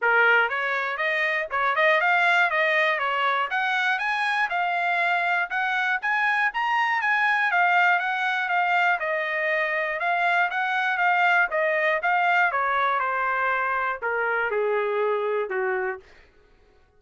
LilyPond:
\new Staff \with { instrumentName = "trumpet" } { \time 4/4 \tempo 4 = 120 ais'4 cis''4 dis''4 cis''8 dis''8 | f''4 dis''4 cis''4 fis''4 | gis''4 f''2 fis''4 | gis''4 ais''4 gis''4 f''4 |
fis''4 f''4 dis''2 | f''4 fis''4 f''4 dis''4 | f''4 cis''4 c''2 | ais'4 gis'2 fis'4 | }